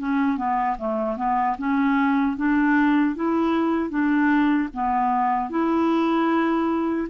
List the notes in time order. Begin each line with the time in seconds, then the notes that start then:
0.00 C#4
0.38 B3
0.79 A3
1.17 B3
1.59 C#4
2.37 D4
3.16 E4
3.90 D4
4.74 B3
5.50 E4